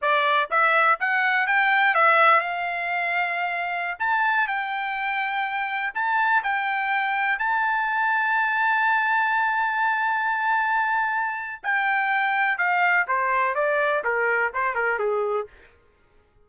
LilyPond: \new Staff \with { instrumentName = "trumpet" } { \time 4/4 \tempo 4 = 124 d''4 e''4 fis''4 g''4 | e''4 f''2.~ | f''16 a''4 g''2~ g''8.~ | g''16 a''4 g''2 a''8.~ |
a''1~ | a''1 | g''2 f''4 c''4 | d''4 ais'4 c''8 ais'8 gis'4 | }